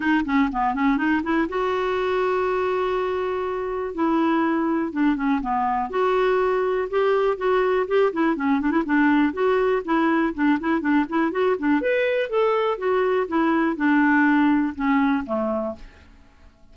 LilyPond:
\new Staff \with { instrumentName = "clarinet" } { \time 4/4 \tempo 4 = 122 dis'8 cis'8 b8 cis'8 dis'8 e'8 fis'4~ | fis'1 | e'2 d'8 cis'8 b4 | fis'2 g'4 fis'4 |
g'8 e'8 cis'8 d'16 e'16 d'4 fis'4 | e'4 d'8 e'8 d'8 e'8 fis'8 d'8 | b'4 a'4 fis'4 e'4 | d'2 cis'4 a4 | }